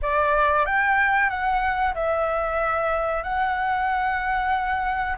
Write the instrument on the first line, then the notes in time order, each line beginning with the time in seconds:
flute
0.02 D5
0.65 G5
1.29 F#5
1.94 E5
3.23 F#5